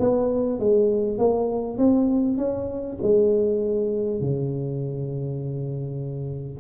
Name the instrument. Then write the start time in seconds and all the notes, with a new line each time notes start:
tuba
0.00 B3
0.60 G#3
1.18 A#3
1.78 C4
2.38 C#4
3.02 G#3
4.21 C#3